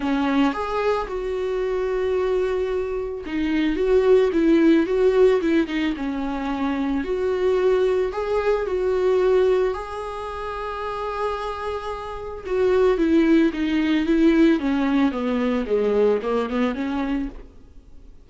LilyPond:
\new Staff \with { instrumentName = "viola" } { \time 4/4 \tempo 4 = 111 cis'4 gis'4 fis'2~ | fis'2 dis'4 fis'4 | e'4 fis'4 e'8 dis'8 cis'4~ | cis'4 fis'2 gis'4 |
fis'2 gis'2~ | gis'2. fis'4 | e'4 dis'4 e'4 cis'4 | b4 gis4 ais8 b8 cis'4 | }